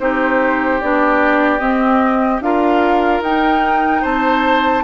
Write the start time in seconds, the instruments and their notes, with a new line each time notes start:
0.00 bassoon C4, clarinet D#4, oboe G4, flute C5
0.82 bassoon B3, clarinet D4, flute D5
1.59 clarinet C4, bassoon C4, flute D#5
2.41 bassoon D4, clarinet F4, oboe A#4, flute F5
3.21 bassoon D#4, clarinet D#4, flute G5
4.02 bassoon C4, oboe C5, flute A5